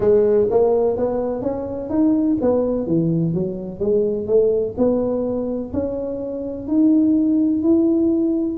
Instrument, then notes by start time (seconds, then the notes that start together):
tuba
0.00 G#3
0.50 A#3
0.97 B3
1.42 C#4
1.89 D#4
2.41 B3
2.87 E3
3.33 F#3
3.79 G#3
4.26 A3
4.77 B3
5.73 C#4
6.67 D#4
7.62 E4